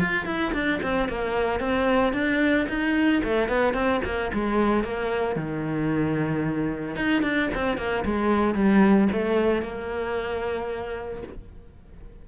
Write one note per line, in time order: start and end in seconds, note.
0.00 0.26 F4
0.26 0.53 E4
0.54 0.80 D4
0.83 1.09 C4
1.09 1.60 A#3
1.60 2.13 C4
2.13 2.67 D4
2.69 3.23 D#4
3.24 3.49 A3
3.49 3.74 B3
3.74 4.01 C4
4.05 4.32 A#3
4.34 4.84 G#3
4.84 5.36 A#3
5.36 6.96 D#3
6.96 7.22 D#4
7.22 7.49 D4
7.55 7.78 C4
7.78 8.05 A#3
8.05 8.55 G#3
8.55 9.09 G3
9.12 9.63 A3
9.63 11.23 A#3